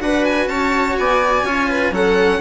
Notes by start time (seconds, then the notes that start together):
0.00 D4 F#4 B4 F#5
0.24 G#5
0.46 C#4 C#5 A5
0.98 B3 D5 G#5
1.42 C#4 F4 C#5
1.69 B4
1.91 F#3 C#4 A4 F#5